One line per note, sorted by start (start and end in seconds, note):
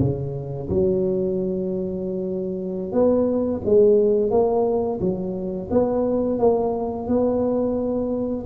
0.00 0.69 C#3
0.69 2.92 F#3
2.92 3.61 B3
3.65 4.31 G#3
4.31 5.00 A#3
5.00 5.69 F#3
5.71 6.39 B3
6.39 7.07 A#3
7.07 8.45 B3